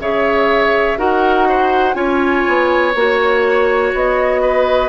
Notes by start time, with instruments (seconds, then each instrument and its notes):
0.00 bassoon C#3, clarinet G#4, oboe C#5, flute E5
0.98 bassoon D#4, clarinet F#4, oboe A#4, flute F#5
1.49 oboe C5
1.94 bassoon C#4, clarinet F4, oboe C#5, flute G#5
2.48 bassoon B3
2.95 bassoon A#3, clarinet F#4, flute C#5
3.94 bassoon B3, flute D#5
4.42 oboe B4